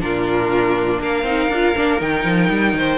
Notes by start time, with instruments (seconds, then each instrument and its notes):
0.00 cello A#2, viola D4, violin F4 A#4
0.99 cello A#3, violin A#4 F5
1.22 cello C4, viola D#4
1.48 cello D4, viola F4
1.75 cello A#3, viola D4
1.99 cello D#3, viola D#4, violin G5
2.24 cello F3
2.49 cello G3
2.73 cello D#3, violin C5